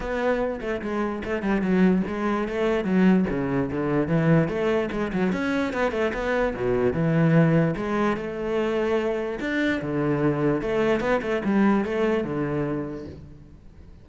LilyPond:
\new Staff \with { instrumentName = "cello" } { \time 4/4 \tempo 4 = 147 b4. a8 gis4 a8 g8 | fis4 gis4 a4 fis4 | cis4 d4 e4 a4 | gis8 fis8 cis'4 b8 a8 b4 |
b,4 e2 gis4 | a2. d'4 | d2 a4 b8 a8 | g4 a4 d2 | }